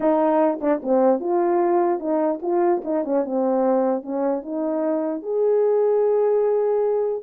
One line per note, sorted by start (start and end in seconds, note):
0.00 0.59 D#4
0.61 0.81 D4
0.83 1.20 C4
1.20 1.99 F4
1.99 2.39 D#4
2.42 2.82 F4
2.84 3.04 D#4
3.04 3.24 C#4
3.24 4.02 C4
4.02 4.42 C#4
4.42 5.22 D#4
5.22 7.22 G#4